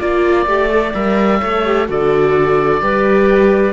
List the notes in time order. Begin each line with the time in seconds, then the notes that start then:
0.00 A#3 F4 D5
0.46 A3 G4
0.70 A4
0.94 G3 A#4 E5
1.40 A3 A4 C#5
1.65 G4
1.87 D3 F#4 A4 D5
2.81 G3 G4 B4